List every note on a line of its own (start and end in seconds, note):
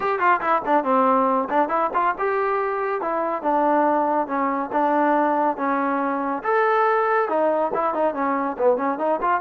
0.00 0.19 G4
0.19 0.40 F4
0.40 0.62 E4
0.65 0.84 D4
0.84 1.48 C4
1.49 1.68 D4
1.68 1.90 E4
1.93 2.14 F4
2.18 3.01 G4
3.01 3.42 E4
3.42 4.27 D4
4.27 4.69 C#4
4.72 5.57 D4
5.57 6.42 C#4
6.43 7.28 A4
7.28 7.71 D#4
7.74 7.93 E4
7.93 8.14 D#4
8.14 8.56 C#4
8.57 8.76 B3
8.76 8.98 C#4
8.98 9.19 D#4
9.21 9.40 F4